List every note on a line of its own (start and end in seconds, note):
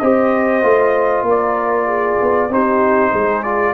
0.00 0.63 C4
0.00 0.63 G4
0.00 1.27 C5
0.00 1.25 D#5
0.63 1.23 A3
0.63 2.51 F4
1.23 2.16 A#3
1.23 1.87 A#4
1.30 2.53 D5
1.87 2.49 G#4
2.21 2.49 B3
2.49 3.12 C4
2.49 3.45 D#4
2.49 3.11 G4
2.49 3.43 C5
3.11 3.74 G#3
3.11 3.74 G#4
3.43 3.74 F4
3.43 3.74 D5